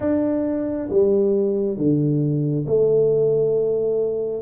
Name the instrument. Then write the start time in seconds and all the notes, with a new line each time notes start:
tuba
0.00 D4
0.89 G3
1.77 D3
2.66 A3